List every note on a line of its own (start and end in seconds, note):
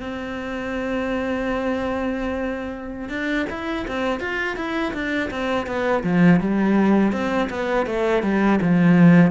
0.00 3.09 C4
3.09 3.46 D4
3.50 3.86 E4
3.87 4.20 C4
4.20 4.56 F4
4.56 4.93 E4
4.93 5.29 D4
5.30 5.66 C4
5.66 6.03 B3
6.03 6.40 F3
6.40 7.12 G3
7.12 7.49 C4
7.50 7.86 B3
7.86 8.23 A3
8.23 8.59 G3
8.61 9.31 F3